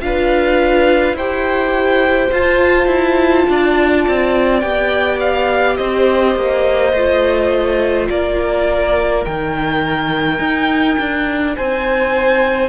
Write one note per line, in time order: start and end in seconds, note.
0.00 1.13 D4
0.00 1.16 F4
0.00 1.16 B4
0.00 1.15 F5
1.13 2.28 E4
1.13 3.47 C5
1.13 2.33 G5
1.19 2.31 G4
2.31 4.62 F4
2.31 2.86 F4
2.31 4.60 A5
2.86 3.44 E4
3.49 4.07 D4
3.49 5.78 D5
4.08 4.63 C4
4.60 5.78 B3
4.60 6.93 G4
4.60 5.18 G5
5.20 5.76 F5
5.76 6.35 C4
5.76 8.08 C5
5.76 8.07 D#5
6.35 6.93 A#3
6.93 8.08 A3
6.93 9.24 F4
8.10 9.25 A#3
8.10 11.56 A#4
8.10 9.25 D5
9.24 10.39 D#3
9.24 12.69 D#4
9.24 11.56 G5
10.39 10.97 D#4
10.98 11.56 D4
11.56 12.69 C4
11.56 12.69 C5
11.56 12.69 G#5